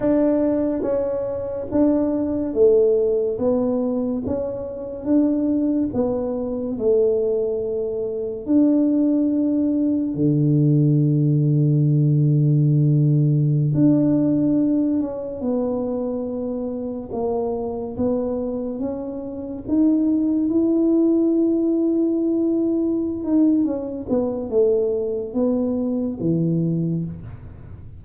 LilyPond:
\new Staff \with { instrumentName = "tuba" } { \time 4/4 \tempo 4 = 71 d'4 cis'4 d'4 a4 | b4 cis'4 d'4 b4 | a2 d'2 | d1~ |
d16 d'4. cis'8 b4.~ b16~ | b16 ais4 b4 cis'4 dis'8.~ | dis'16 e'2.~ e'16 dis'8 | cis'8 b8 a4 b4 e4 | }